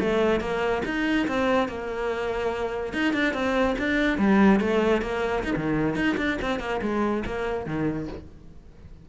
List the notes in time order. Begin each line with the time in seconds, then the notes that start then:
0.00 A3
0.40 A#3
0.85 D#4
1.27 C4
1.68 A#3
2.93 D#4
3.13 D4
3.34 C4
3.78 D4
4.18 G3
4.60 A3
5.02 A#3
5.44 D#4
5.56 D#3
5.96 D#4
6.17 D4
6.42 C4
6.60 A#3
6.82 G#3
7.26 A#3
7.66 D#3